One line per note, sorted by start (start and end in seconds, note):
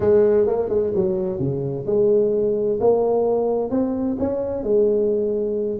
0.00 0.46 G#3
0.46 0.69 A#3
0.69 0.92 G#3
0.95 1.39 F#3
1.39 1.85 C#3
1.86 2.79 G#3
2.80 3.70 A#3
3.70 4.16 C4
4.19 4.63 C#4
4.63 5.79 G#3